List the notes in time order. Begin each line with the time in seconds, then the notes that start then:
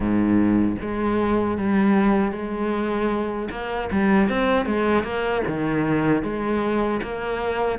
0.00 G#2
0.81 G#3
1.57 G3
2.32 G#3
3.50 A#3
3.91 G3
4.29 C4
4.65 G#3
5.03 A#3
5.47 D#3
6.22 G#3
7.02 A#3